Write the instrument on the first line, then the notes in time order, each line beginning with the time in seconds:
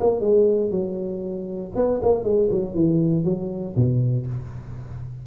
tuba
0.00 A#3
0.21 G#3
0.71 F#3
1.76 B3
2.03 A#3
2.24 G#3
2.51 F#3
2.75 E3
3.25 F#3
3.76 B2